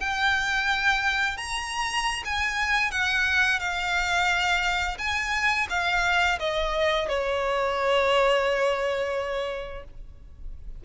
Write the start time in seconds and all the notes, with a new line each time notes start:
0.00 G5
1.37 A#5
2.25 G#5
2.91 F#5
3.60 F5
4.98 G#5
5.70 F5
6.39 D#5
7.08 C#5